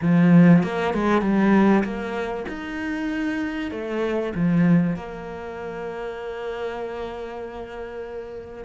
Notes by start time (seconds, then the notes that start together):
0.01 F3
0.63 A#3
0.93 G#3
1.21 G3
1.84 A#3
2.48 D#4
3.71 A3
4.34 F3
4.96 A#3